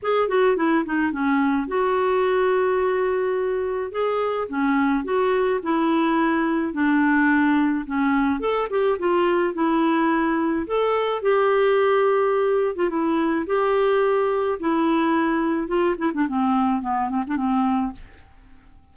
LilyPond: \new Staff \with { instrumentName = "clarinet" } { \time 4/4 \tempo 4 = 107 gis'8 fis'8 e'8 dis'8 cis'4 fis'4~ | fis'2. gis'4 | cis'4 fis'4 e'2 | d'2 cis'4 a'8 g'8 |
f'4 e'2 a'4 | g'2~ g'8. f'16 e'4 | g'2 e'2 | f'8 e'16 d'16 c'4 b8 c'16 d'16 c'4 | }